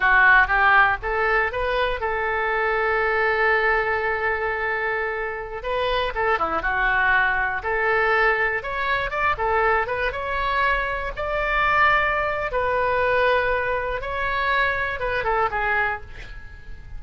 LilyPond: \new Staff \with { instrumentName = "oboe" } { \time 4/4 \tempo 4 = 120 fis'4 g'4 a'4 b'4 | a'1~ | a'2.~ a'16 b'8.~ | b'16 a'8 e'8 fis'2 a'8.~ |
a'4~ a'16 cis''4 d''8 a'4 b'16~ | b'16 cis''2 d''4.~ d''16~ | d''4 b'2. | cis''2 b'8 a'8 gis'4 | }